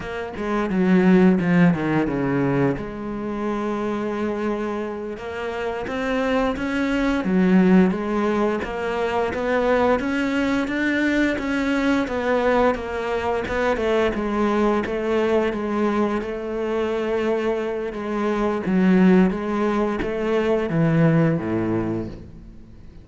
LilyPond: \new Staff \with { instrumentName = "cello" } { \time 4/4 \tempo 4 = 87 ais8 gis8 fis4 f8 dis8 cis4 | gis2.~ gis8 ais8~ | ais8 c'4 cis'4 fis4 gis8~ | gis8 ais4 b4 cis'4 d'8~ |
d'8 cis'4 b4 ais4 b8 | a8 gis4 a4 gis4 a8~ | a2 gis4 fis4 | gis4 a4 e4 a,4 | }